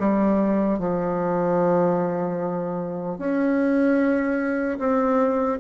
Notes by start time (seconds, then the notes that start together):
0.00 G3
0.79 F3
3.19 C#4
4.79 C4